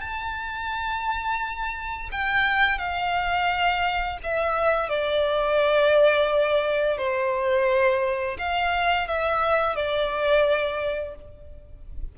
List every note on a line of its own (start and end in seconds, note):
0.00 2.09 A5
2.12 2.78 G5
2.78 4.18 F5
4.23 4.89 E5
4.89 6.97 D5
6.97 8.37 C5
8.38 9.07 F5
9.07 9.75 E5
9.75 11.15 D5